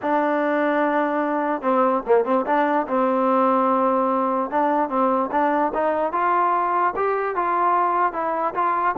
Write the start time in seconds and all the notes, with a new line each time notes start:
0.02 D4
1.61 C4
2.06 A#3
2.24 C4
2.45 D4
2.87 C4
4.50 D4
4.89 C4
5.31 D4
5.74 D#4
6.12 F4
6.96 G4
7.35 F4
8.13 E4
8.54 F4